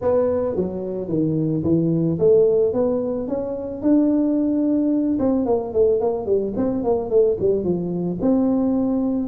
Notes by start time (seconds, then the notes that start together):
0.01 B3
0.55 F#3
1.08 D#3
1.63 E3
2.19 A3
2.73 B3
3.28 C#4
3.82 D4
5.19 C4
5.45 A#3
5.73 A3
6.00 A#3
6.26 G3
6.56 C4
6.83 A#3
7.10 A3
7.40 G3
7.64 F3
8.21 C4